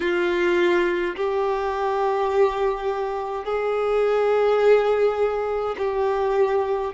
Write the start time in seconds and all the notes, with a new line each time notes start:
0.00 F4
1.15 G4
3.45 G#4
5.77 G4